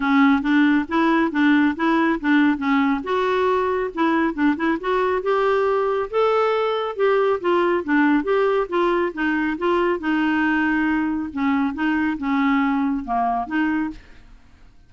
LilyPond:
\new Staff \with { instrumentName = "clarinet" } { \time 4/4 \tempo 4 = 138 cis'4 d'4 e'4 d'4 | e'4 d'4 cis'4 fis'4~ | fis'4 e'4 d'8 e'8 fis'4 | g'2 a'2 |
g'4 f'4 d'4 g'4 | f'4 dis'4 f'4 dis'4~ | dis'2 cis'4 dis'4 | cis'2 ais4 dis'4 | }